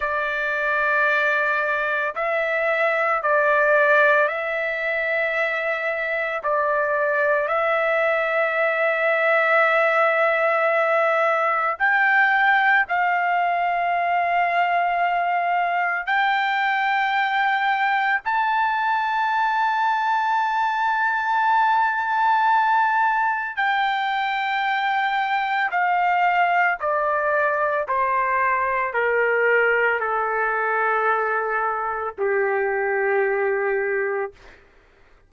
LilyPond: \new Staff \with { instrumentName = "trumpet" } { \time 4/4 \tempo 4 = 56 d''2 e''4 d''4 | e''2 d''4 e''4~ | e''2. g''4 | f''2. g''4~ |
g''4 a''2.~ | a''2 g''2 | f''4 d''4 c''4 ais'4 | a'2 g'2 | }